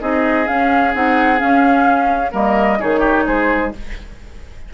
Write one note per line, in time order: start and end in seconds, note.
0.00 0.47 C4
0.00 0.45 D#4
0.00 2.31 G#4
0.00 0.47 D#5
0.45 0.91 C#4
0.45 0.94 C#4
0.45 0.93 F5
0.93 1.41 C4
0.93 1.37 D#4
0.93 1.39 F#5
1.37 2.30 C#4
1.37 2.33 C#4
1.37 2.32 F5
2.30 2.79 G3
2.30 2.77 A#3
2.30 2.78 A#4
2.30 2.80 D#5
2.79 3.26 D#3
2.79 3.72 D#4
2.79 2.99 G#4
2.79 3.27 C#5
2.99 3.22 G4
3.26 3.72 G#3
3.26 3.72 G#4
3.26 3.73 C5